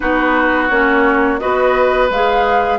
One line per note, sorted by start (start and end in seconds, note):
0.00 0.70 B3
0.00 0.69 D#4
0.00 1.40 F#4
0.00 0.67 B4
0.69 1.40 A#3
0.69 1.38 C#4
0.69 1.38 C#5
1.38 2.09 B3
1.38 2.08 F#4
1.38 2.78 B4
1.38 2.08 D#5
2.09 2.78 G#3
2.09 2.78 G#4
2.09 2.78 F5